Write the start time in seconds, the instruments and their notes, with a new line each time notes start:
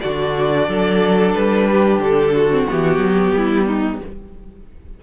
0.00 cello D3, viola D4, violin F#4 D5
0.68 cello F#3, violin A4
1.34 cello G3, violin B4
1.70 violin G4
1.98 cello D3, violin A4
2.34 violin F#4
2.51 viola C4
2.68 cello E3, viola B3, violin G4
2.97 cello F#3
3.34 cello G3, violin E4
3.66 violin D#4